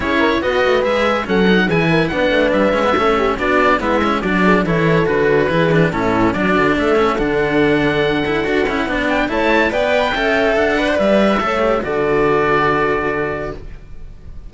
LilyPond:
<<
  \new Staff \with { instrumentName = "oboe" } { \time 4/4 \tempo 4 = 142 cis''4 dis''4 e''4 fis''4 | gis''4 fis''4 e''2 | d''4 e''4 d''4 cis''4 | b'2 a'4 d''4 |
e''4 fis''2.~ | fis''4. g''8 a''4 g''4~ | g''4 fis''4 e''2 | d''1 | }
  \new Staff \with { instrumentName = "horn" } { \time 4/4 gis'8 ais'8 b'2 a'4 | gis'8 ais'8 b'2 a'8 g'8 | fis'4 e'4 fis'8 gis'8 a'4~ | a'4 gis'4 e'4 fis'4 |
a'1~ | a'4 b'4 cis''4 d''4 | e''4. d''4. cis''4 | a'1 | }
  \new Staff \with { instrumentName = "cello" } { \time 4/4 e'4 fis'4 gis'4 cis'8 dis'8 | e'4 d'4. cis'16 b16 cis'4 | d'4 b8 cis'8 d'4 e'4 | fis'4 e'8 d'8 cis'4 d'4~ |
d'8 cis'8 d'2~ d'8 e'8 | fis'8 e'8 d'4 e'4 b'4 | a'4. b'16 c''16 b'4 a'8 g'8 | fis'1 | }
  \new Staff \with { instrumentName = "cello" } { \time 4/4 cis'4 b8 a8 gis4 fis4 | e4 b8 a8 g8 gis8 a4 | b4 gis4 fis4 e4 | d4 e4 a,4 fis8 d8 |
a4 d2. | d'8 cis'8 b4 a4 b4 | cis'4 d'4 g4 a4 | d1 | }
>>